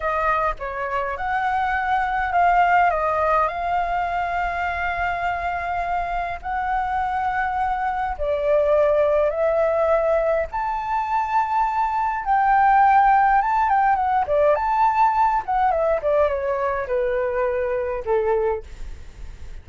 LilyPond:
\new Staff \with { instrumentName = "flute" } { \time 4/4 \tempo 4 = 103 dis''4 cis''4 fis''2 | f''4 dis''4 f''2~ | f''2. fis''4~ | fis''2 d''2 |
e''2 a''2~ | a''4 g''2 a''8 g''8 | fis''8 d''8 a''4. fis''8 e''8 d''8 | cis''4 b'2 a'4 | }